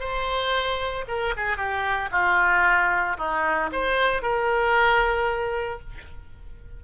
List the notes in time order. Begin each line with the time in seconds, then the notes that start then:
0.00 C5
1.08 A#4
1.37 G#4
1.57 G4
2.12 F4
3.18 D#4
3.72 C5
4.22 A#4